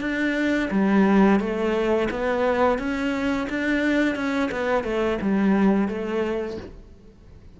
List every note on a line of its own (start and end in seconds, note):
0.00 0.69 D4
0.70 1.39 G3
1.39 2.08 A3
2.10 2.78 B3
2.78 3.47 C#4
3.49 4.15 D4
4.15 4.50 C#4
4.51 4.83 B3
4.83 5.18 A3
5.21 5.88 G3
5.88 6.57 A3